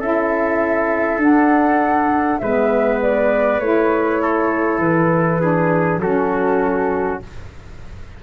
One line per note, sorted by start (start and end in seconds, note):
0.00 1.18 C#4
0.00 1.20 E4
0.00 2.41 A4
0.00 1.22 E5
1.18 2.38 D4
1.18 2.40 D4
1.18 2.39 F#5
2.39 3.60 G#3
2.39 3.61 B3
2.39 4.22 B4
2.39 2.99 E5
3.02 3.60 D5
3.60 4.79 A3
3.60 5.41 E4
3.60 4.80 C#5
4.22 5.41 A4
4.79 5.98 E3
4.79 6.00 B4
5.41 6.00 D4
5.41 6.01 G#4
5.98 7.18 F#3
5.98 7.22 C#4
5.98 7.23 F#4
5.98 7.20 A4